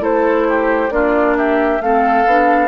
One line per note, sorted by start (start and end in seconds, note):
0.00 0.90 A3
0.00 0.90 E4
0.00 0.47 A4
0.00 0.91 C5
0.49 0.94 G4
0.90 1.80 A#3
0.90 1.81 D4
0.90 1.38 F4
0.90 1.36 D5
1.37 1.82 G4
1.37 1.81 E5
1.81 2.26 A3
1.81 2.26 C4
1.81 2.68 A4
1.81 2.68 F5
2.26 2.68 B3
2.26 2.68 D4